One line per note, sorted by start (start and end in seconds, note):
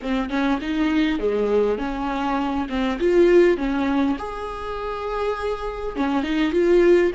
0.02 0.29 C4
0.29 0.59 C#4
0.61 1.19 D#4
1.19 1.78 G#3
1.78 2.67 C#4
2.69 2.98 C4
2.99 3.57 F4
3.57 4.16 C#4
4.18 5.96 G#4
5.96 6.23 C#4
6.23 6.52 D#4
6.52 7.11 F4